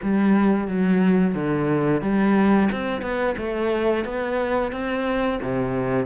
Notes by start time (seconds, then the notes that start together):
0.02 G3
0.67 F#3
1.34 D3
2.01 G3
2.72 C4
3.01 B3
3.37 A3
4.04 B3
4.72 C4
5.42 C3